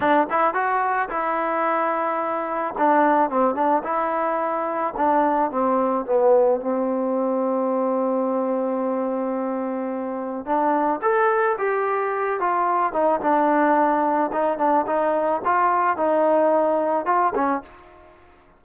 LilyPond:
\new Staff \with { instrumentName = "trombone" } { \time 4/4 \tempo 4 = 109 d'8 e'8 fis'4 e'2~ | e'4 d'4 c'8 d'8 e'4~ | e'4 d'4 c'4 b4 | c'1~ |
c'2. d'4 | a'4 g'4. f'4 dis'8 | d'2 dis'8 d'8 dis'4 | f'4 dis'2 f'8 cis'8 | }